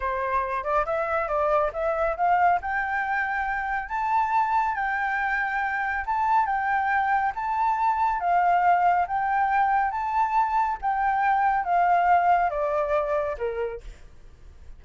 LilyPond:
\new Staff \with { instrumentName = "flute" } { \time 4/4 \tempo 4 = 139 c''4. d''8 e''4 d''4 | e''4 f''4 g''2~ | g''4 a''2 g''4~ | g''2 a''4 g''4~ |
g''4 a''2 f''4~ | f''4 g''2 a''4~ | a''4 g''2 f''4~ | f''4 d''2 ais'4 | }